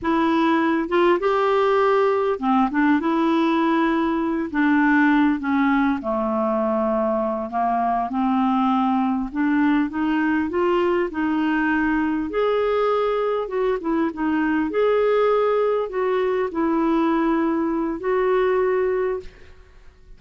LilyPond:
\new Staff \with { instrumentName = "clarinet" } { \time 4/4 \tempo 4 = 100 e'4. f'8 g'2 | c'8 d'8 e'2~ e'8 d'8~ | d'4 cis'4 a2~ | a8 ais4 c'2 d'8~ |
d'8 dis'4 f'4 dis'4.~ | dis'8 gis'2 fis'8 e'8 dis'8~ | dis'8 gis'2 fis'4 e'8~ | e'2 fis'2 | }